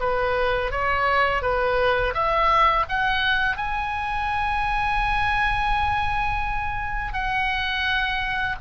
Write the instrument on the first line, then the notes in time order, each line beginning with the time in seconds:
oboe
0.00 B4
0.71 C#5
1.42 B4
2.14 E5
2.89 F#5
3.57 G#5
7.13 F#5